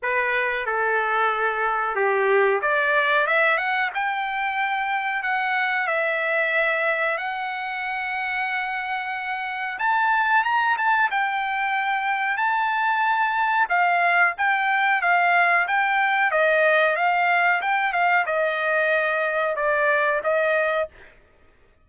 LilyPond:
\new Staff \with { instrumentName = "trumpet" } { \time 4/4 \tempo 4 = 92 b'4 a'2 g'4 | d''4 e''8 fis''8 g''2 | fis''4 e''2 fis''4~ | fis''2. a''4 |
ais''8 a''8 g''2 a''4~ | a''4 f''4 g''4 f''4 | g''4 dis''4 f''4 g''8 f''8 | dis''2 d''4 dis''4 | }